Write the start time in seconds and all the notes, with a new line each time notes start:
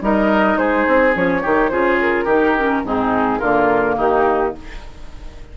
0.00 G3 D#4 A#4 D#5
0.57 G#3 G#4 C5
0.87 C4
1.13 F3 C#4 C#5
1.42 D#3 D#4 G4
1.69 C#3 F4 G#4 C5
2.01 A#4
2.25 D#3 D#4 G4
2.58 C#4
2.84 G#2 C4 D#4 G#4
3.38 D3 A#3 F4 A#4
3.97 D#3 D#4 G4